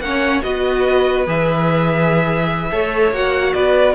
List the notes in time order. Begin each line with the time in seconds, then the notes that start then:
0.00 A#3 C#4 C#5 F#5
0.43 B3 F#4 B4 D#5
1.27 E3 G#4 E5
2.71 A3 A4 C#5
3.12 A#3 F#4 F#5
3.54 B3 B4 D5